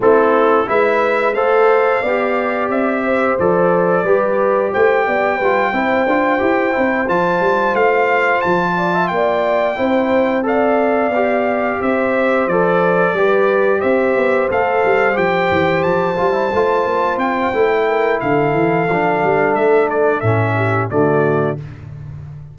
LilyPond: <<
  \new Staff \with { instrumentName = "trumpet" } { \time 4/4 \tempo 4 = 89 a'4 e''4 f''2 | e''4 d''2 g''4~ | g''2~ g''8 a''4 f''8~ | f''8 a''4 g''2 f''8~ |
f''4. e''4 d''4.~ | d''8 e''4 f''4 g''4 a''8~ | a''4. g''4. f''4~ | f''4 e''8 d''8 e''4 d''4 | }
  \new Staff \with { instrumentName = "horn" } { \time 4/4 e'4 b'4 c''4 d''4~ | d''8 c''4. b'4 c''8 d''8 | b'8 c''2.~ c''8~ | c''4 d''16 e''16 d''4 c''4 d''8~ |
d''4. c''2 b'8~ | b'8 c''2.~ c''8~ | c''2~ c''8 ais'8 a'4~ | a'2~ a'8 g'8 fis'4 | }
  \new Staff \with { instrumentName = "trombone" } { \time 4/4 c'4 e'4 a'4 g'4~ | g'4 a'4 g'2 | f'8 e'8 f'8 g'8 e'8 f'4.~ | f'2~ f'8 e'4 a'8~ |
a'8 g'2 a'4 g'8~ | g'4. a'4 g'4. | f'16 e'16 f'4. e'2 | d'2 cis'4 a4 | }
  \new Staff \with { instrumentName = "tuba" } { \time 4/4 a4 gis4 a4 b4 | c'4 f4 g4 a8 b8 | g8 c'8 d'8 e'8 c'8 f8 g8 a8~ | a8 f4 ais4 c'4.~ |
c'8 b4 c'4 f4 g8~ | g8 c'8 b8 a8 g8 f8 e8 f8 | g8 a8 ais8 c'8 a4 d8 e8 | f8 g8 a4 a,4 d4 | }
>>